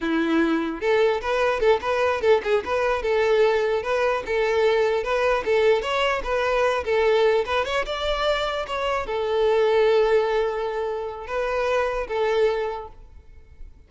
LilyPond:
\new Staff \with { instrumentName = "violin" } { \time 4/4 \tempo 4 = 149 e'2 a'4 b'4 | a'8 b'4 a'8 gis'8 b'4 a'8~ | a'4. b'4 a'4.~ | a'8 b'4 a'4 cis''4 b'8~ |
b'4 a'4. b'8 cis''8 d''8~ | d''4. cis''4 a'4.~ | a'1 | b'2 a'2 | }